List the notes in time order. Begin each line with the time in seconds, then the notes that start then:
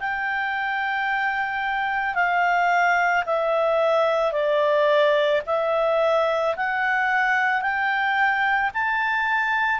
0.00 G5
2.15 F5
3.26 E5
4.32 D5
5.46 E5
6.57 F#5
7.62 G5
8.74 A5